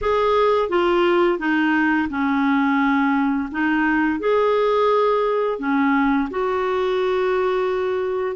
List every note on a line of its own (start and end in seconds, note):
0.01 0.69 G#4
0.69 1.38 F4
1.38 2.08 D#4
2.09 3.49 C#4
3.51 4.19 D#4
4.19 5.58 G#4
5.58 6.28 C#4
6.30 8.36 F#4